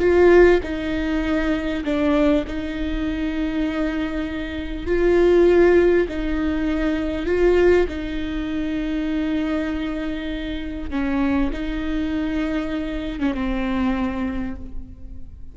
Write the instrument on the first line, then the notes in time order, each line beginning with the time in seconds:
viola
0.00 F4
0.63 D#4
1.85 D4
2.47 D#4
4.87 F4
6.09 D#4
7.26 F4
7.89 D#4
10.91 C#4
11.53 D#4
13.20 C#4
13.35 C4